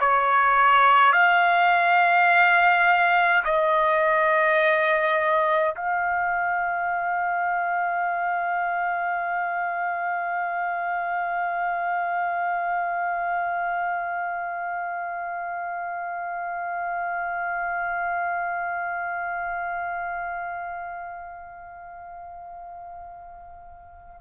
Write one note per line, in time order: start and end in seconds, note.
0.00 1.12 C#5
1.12 3.43 F5
3.44 5.75 D#5
5.75 24.21 F5